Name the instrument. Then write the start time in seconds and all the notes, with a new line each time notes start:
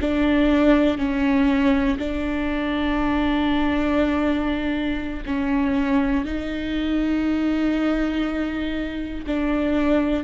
viola
0.00 D4
0.98 C#4
1.98 D4
5.25 C#4
6.25 D#4
9.26 D4